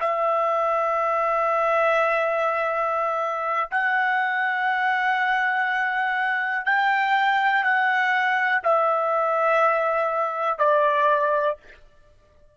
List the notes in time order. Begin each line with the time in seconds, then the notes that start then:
0.00 E5
3.71 F#5
6.65 G5
7.63 F#5
8.63 E5
10.58 D5